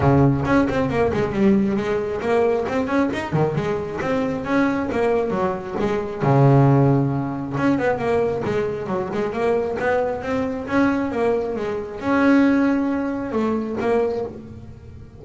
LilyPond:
\new Staff \with { instrumentName = "double bass" } { \time 4/4 \tempo 4 = 135 cis4 cis'8 c'8 ais8 gis8 g4 | gis4 ais4 c'8 cis'8 dis'8 dis8 | gis4 c'4 cis'4 ais4 | fis4 gis4 cis2~ |
cis4 cis'8 b8 ais4 gis4 | fis8 gis8 ais4 b4 c'4 | cis'4 ais4 gis4 cis'4~ | cis'2 a4 ais4 | }